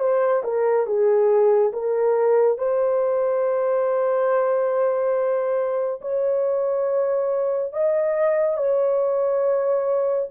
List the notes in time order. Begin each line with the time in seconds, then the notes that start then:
0.00 C5
0.44 A#4
0.86 G#4
1.73 A#4
2.58 C5
6.02 C#5
7.73 D#5
8.57 C#5